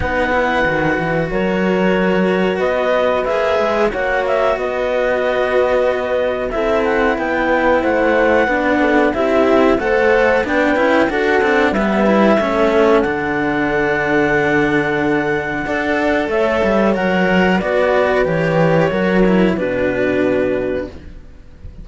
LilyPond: <<
  \new Staff \with { instrumentName = "clarinet" } { \time 4/4 \tempo 4 = 92 fis''2 cis''2 | dis''4 e''4 fis''8 e''8 dis''4~ | dis''2 e''8 fis''8 g''4 | fis''2 e''4 fis''4 |
g''4 fis''4 e''2 | fis''1~ | fis''4 e''4 fis''4 d''4 | cis''2 b'2 | }
  \new Staff \with { instrumentName = "horn" } { \time 4/4 b'2 ais'2 | b'2 cis''4 b'4~ | b'2 a'4 b'4 | c''4 b'8 a'8 g'4 c''4 |
b'4 a'4 b'4 a'4~ | a'1 | d''4 cis''2 b'4~ | b'4 ais'4 fis'2 | }
  \new Staff \with { instrumentName = "cello" } { \time 4/4 dis'8 e'8 fis'2.~ | fis'4 gis'4 fis'2~ | fis'2 e'2~ | e'4 d'4 e'4 a'4 |
d'8 e'8 fis'8 d'8 b8 e'8 cis'4 | d'1 | a'2 ais'4 fis'4 | g'4 fis'8 e'8 d'2 | }
  \new Staff \with { instrumentName = "cello" } { \time 4/4 b4 dis8 e8 fis2 | b4 ais8 gis8 ais4 b4~ | b2 c'4 b4 | a4 b4 c'4 a4 |
b8 cis'8 d'8 c'8 g4 a4 | d1 | d'4 a8 g8 fis4 b4 | e4 fis4 b,2 | }
>>